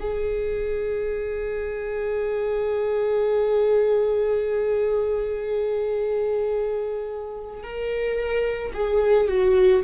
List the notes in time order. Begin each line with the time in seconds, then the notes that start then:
0.00 G#4
7.64 A#4
8.74 G#4
9.28 F#4